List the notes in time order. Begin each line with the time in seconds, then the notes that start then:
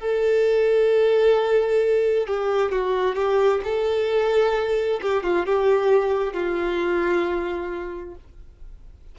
0.00 A4
2.27 G4
2.72 F#4
3.15 G4
3.64 A4
5.02 G4
5.24 F4
5.46 G4
6.33 F4